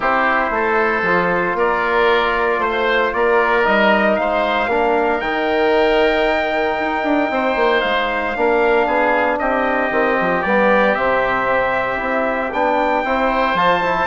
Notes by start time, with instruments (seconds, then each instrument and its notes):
0.00 bassoon C4, trombone E4, oboe G4, trumpet C5
0.50 bassoon A3, oboe A4
1.02 bassoon F3, trombone F4
1.54 bassoon A#3, oboe A#4, trumpet D5
2.58 bassoon A3, oboe C5, trumpet C5
3.13 bassoon A#3, oboe A#4, trumpet D5
3.63 bassoon G3, trombone D#4, trumpet D#5
4.16 bassoon G#3, oboe C5, trumpet F5
4.67 bassoon A#3, trombone D4, oboe A#4
5.20 bassoon D#3, trombone D#4, trumpet G5
6.79 bassoon D#4
7.03 bassoon D4
7.30 bassoon C4, oboe C5
7.55 bassoon A#3
7.80 bassoon G#3, trumpet F5
8.35 bassoon A#3, trombone D4, oboe A#4
8.86 bassoon B3, oboe G#4
9.38 bassoon C4, oboe G4, trumpet D#5
9.90 bassoon D#3, trombone C4
10.20 bassoon F3
10.42 bassoon G3, trombone B3, trumpet D5
10.95 bassoon C3, trombone C4, trumpet E5
11.97 bassoon C4, trombone E4
12.52 bassoon B3, trombone D4, trumpet G5
13.03 bassoon C4, trombone E4, oboe C5
13.54 bassoon F3, trombone F4, trumpet A5
13.82 trombone E4